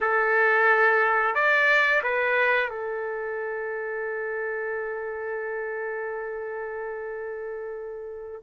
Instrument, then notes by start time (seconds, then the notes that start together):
trumpet
0.00 A4
1.34 D5
2.03 B4
2.69 A4